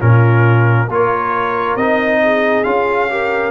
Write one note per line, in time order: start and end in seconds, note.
0.00 0.89 A#2
0.00 0.88 C#4
0.00 0.87 F4
0.00 0.89 A#4
0.87 1.76 A#3
0.87 1.79 F4
0.87 2.19 A#4
0.94 1.77 C#5
1.76 2.65 C4
1.76 2.65 D#4
1.76 2.64 D#5
2.24 3.12 G#4
2.64 3.52 C#4
2.64 3.09 F4
2.64 3.52 F5
3.10 3.52 G4
3.10 3.52 A#4